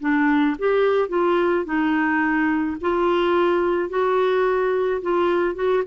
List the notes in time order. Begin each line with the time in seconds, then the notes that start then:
0.00 D4
0.58 G4
1.08 F4
1.64 D#4
2.81 F4
3.89 F#4
5.01 F4
5.55 F#4